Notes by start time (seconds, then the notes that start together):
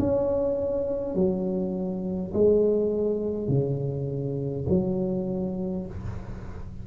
0.00 C#4
1.16 F#3
2.34 G#3
3.49 C#3
4.70 F#3